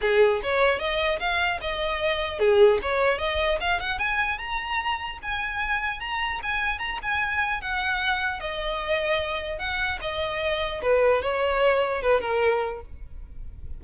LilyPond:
\new Staff \with { instrumentName = "violin" } { \time 4/4 \tempo 4 = 150 gis'4 cis''4 dis''4 f''4 | dis''2 gis'4 cis''4 | dis''4 f''8 fis''8 gis''4 ais''4~ | ais''4 gis''2 ais''4 |
gis''4 ais''8 gis''4. fis''4~ | fis''4 dis''2. | fis''4 dis''2 b'4 | cis''2 b'8 ais'4. | }